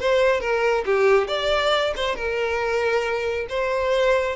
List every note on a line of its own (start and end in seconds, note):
0.00 0.41 C5
0.41 0.85 A#4
0.86 1.28 G4
1.28 1.94 D5
1.96 2.16 C5
2.16 3.47 A#4
3.50 4.36 C5